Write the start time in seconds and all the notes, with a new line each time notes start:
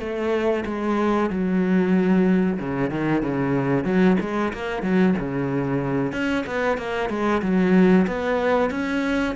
0.00 A3
0.66 G#3
1.30 F#3
2.60 C#3
2.91 D#3
3.23 C#3
3.85 F#3
4.21 G#3
4.54 A#3
4.83 F#3
5.19 C#3
6.13 C#4
6.47 B3
6.78 A#3
7.10 G#3
7.43 F#3
8.08 B3
8.71 C#4